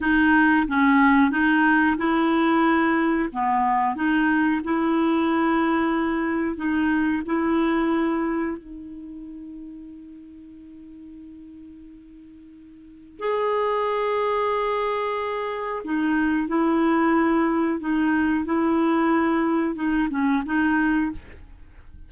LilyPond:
\new Staff \with { instrumentName = "clarinet" } { \time 4/4 \tempo 4 = 91 dis'4 cis'4 dis'4 e'4~ | e'4 b4 dis'4 e'4~ | e'2 dis'4 e'4~ | e'4 dis'2.~ |
dis'1 | gis'1 | dis'4 e'2 dis'4 | e'2 dis'8 cis'8 dis'4 | }